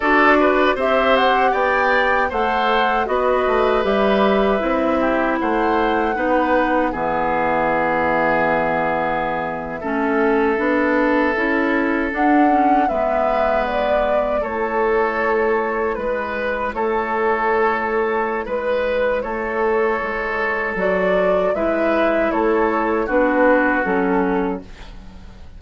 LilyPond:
<<
  \new Staff \with { instrumentName = "flute" } { \time 4/4 \tempo 4 = 78 d''4 e''8 fis''8 g''4 fis''4 | dis''4 e''2 fis''4~ | fis''4 e''2.~ | e''2.~ e''8. fis''16~ |
fis''8. e''4 d''4 cis''4~ cis''16~ | cis''8. b'4 cis''2~ cis''16 | b'4 cis''2 d''4 | e''4 cis''4 b'4 a'4 | }
  \new Staff \with { instrumentName = "oboe" } { \time 4/4 a'8 b'8 c''4 d''4 c''4 | b'2~ b'8 g'8 c''4 | b'4 gis'2.~ | gis'8. a'2.~ a'16~ |
a'8. b'2 a'4~ a'16~ | a'8. b'4 a'2~ a'16 | b'4 a'2. | b'4 a'4 fis'2 | }
  \new Staff \with { instrumentName = "clarinet" } { \time 4/4 fis'4 g'2 a'4 | fis'4 g'4 e'2 | dis'4 b2.~ | b8. cis'4 d'4 e'4 d'16~ |
d'16 cis'8 b2 e'4~ e'16~ | e'1~ | e'2. fis'4 | e'2 d'4 cis'4 | }
  \new Staff \with { instrumentName = "bassoon" } { \time 4/4 d'4 c'4 b4 a4 | b8 a8 g4 c'4 a4 | b4 e2.~ | e8. a4 b4 cis'4 d'16~ |
d'8. gis2 a4~ a16~ | a8. gis4 a2~ a16 | gis4 a4 gis4 fis4 | gis4 a4 b4 fis4 | }
>>